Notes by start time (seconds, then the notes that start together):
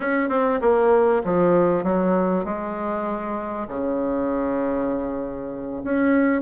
0.00 C#4
0.29 C4
0.61 A#3
1.24 F3
1.83 F#3
2.45 G#3
3.68 C#3
5.84 C#4